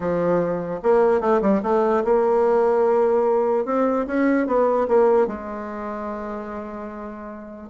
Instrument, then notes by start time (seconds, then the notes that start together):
bassoon
0.00 F3
0.82 A#3
1.20 A3
1.41 G3
1.63 A3
2.04 A#3
3.65 C4
4.06 C#4
4.46 B3
4.88 A#3
5.27 G#3